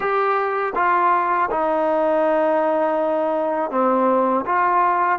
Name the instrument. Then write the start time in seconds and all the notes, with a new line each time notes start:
trombone
0.00 G4
0.75 F4
1.50 D#4
3.70 C4
4.45 F4